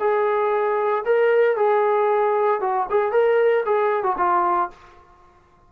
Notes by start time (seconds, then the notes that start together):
0.00 G#4
1.05 A#4
1.57 G#4
2.61 F#4
2.90 G#4
3.12 A#4
3.66 G#4
4.03 F#4
4.18 F4